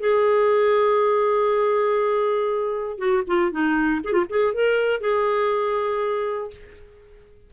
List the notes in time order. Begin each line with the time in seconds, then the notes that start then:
0.00 G#4
2.98 F#4
3.27 F4
3.52 D#4
4.05 G#4
4.13 F4
4.29 G#4
4.54 A#4
5.01 G#4